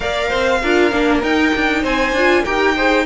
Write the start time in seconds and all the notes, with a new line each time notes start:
0.00 A#3 A#4 D5 F5
0.28 C4 C5
0.62 D4 F4 A#4
0.91 A#3 D4
1.22 D#4 G5
1.54 D4
1.81 C4 C5 G#5
2.12 D4 F4
2.44 D#4 G4 A#4 G5
2.76 G#4 C5